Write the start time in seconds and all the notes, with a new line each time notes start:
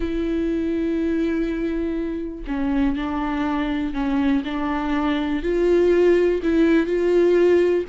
0.00 E4
2.47 C#4
2.96 D4
3.93 C#4
4.44 D4
5.42 F4
6.42 E4
6.86 F4